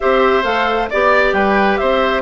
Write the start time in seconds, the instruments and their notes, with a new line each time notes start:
0.00 bassoon C4, clarinet G4, oboe C5, flute E5
0.43 bassoon A3, clarinet A4, flute F5
0.90 bassoon B3, clarinet G4, oboe D5, flute D5
1.32 bassoon G3, oboe B4, flute G5
1.77 bassoon C4, oboe C5, flute E5